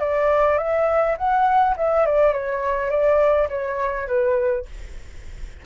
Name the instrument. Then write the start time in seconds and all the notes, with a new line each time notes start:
flute
0.00 D5
0.59 E5
1.18 F#5
1.77 E5
2.07 D5
2.33 C#5
2.91 D5
3.50 C#5
4.08 B4